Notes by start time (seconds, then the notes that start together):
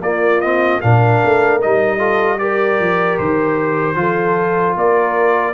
0.00 A#3 F4 D5
0.41 C4 D#5
0.81 A#2 D4 A#4 F5
1.24 A3
1.61 G3 D#4 D#5
1.98 F4 A4
2.38 G4 A#4 D5
2.79 F3
3.18 D#3 C5
3.95 F3 F4 A4
4.76 A#3 A#4 D5